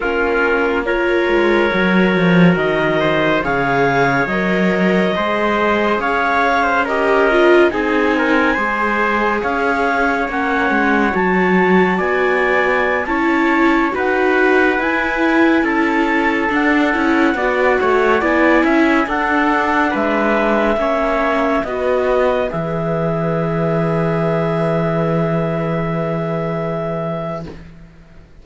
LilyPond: <<
  \new Staff \with { instrumentName = "clarinet" } { \time 4/4 \tempo 4 = 70 ais'4 cis''2 dis''4 | f''4 dis''2 f''4 | dis''4 gis''2 f''4 | fis''4 a''4 gis''4~ gis''16 a''8.~ |
a''16 fis''4 gis''4 a''4 fis''8.~ | fis''4~ fis''16 gis''4 fis''4 e''8.~ | e''4~ e''16 dis''4 e''4.~ e''16~ | e''1 | }
  \new Staff \with { instrumentName = "trumpet" } { \time 4/4 f'4 ais'2~ ais'8 c''8 | cis''2 c''4 cis''8. c''16 | ais'4 gis'8 ais'8 c''4 cis''4~ | cis''2 d''4~ d''16 cis''8.~ |
cis''16 b'2 a'4.~ a'16~ | a'16 d''8 cis''8 d''8 e''8 a'4 b'8.~ | b'16 cis''4 b'2~ b'8.~ | b'1 | }
  \new Staff \with { instrumentName = "viola" } { \time 4/4 cis'4 f'4 fis'2 | gis'4 ais'4 gis'2 | g'8 f'8 dis'4 gis'2 | cis'4 fis'2~ fis'16 e'8.~ |
e'16 fis'4 e'2 d'8 e'16~ | e'16 fis'4 e'4 d'4.~ d'16~ | d'16 cis'4 fis'4 gis'4.~ gis'16~ | gis'1 | }
  \new Staff \with { instrumentName = "cello" } { \time 4/4 ais4. gis8 fis8 f8 dis4 | cis4 fis4 gis4 cis'4~ | cis'4 c'4 gis4 cis'4 | ais8 gis8 fis4 b4~ b16 cis'8.~ |
cis'16 dis'4 e'4 cis'4 d'8 cis'16~ | cis'16 b8 a8 b8 cis'8 d'4 gis8.~ | gis16 ais4 b4 e4.~ e16~ | e1 | }
>>